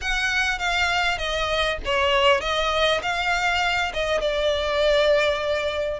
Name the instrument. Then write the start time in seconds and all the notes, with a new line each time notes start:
violin
0.01 F#5
0.58 F5
1.18 D#5
1.85 C#5
2.40 D#5
3.02 F5
3.93 D#5
4.20 D5